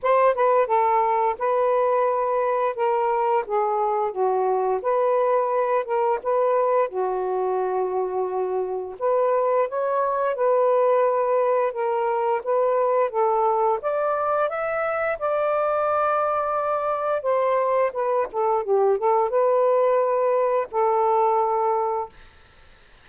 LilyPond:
\new Staff \with { instrumentName = "saxophone" } { \time 4/4 \tempo 4 = 87 c''8 b'8 a'4 b'2 | ais'4 gis'4 fis'4 b'4~ | b'8 ais'8 b'4 fis'2~ | fis'4 b'4 cis''4 b'4~ |
b'4 ais'4 b'4 a'4 | d''4 e''4 d''2~ | d''4 c''4 b'8 a'8 g'8 a'8 | b'2 a'2 | }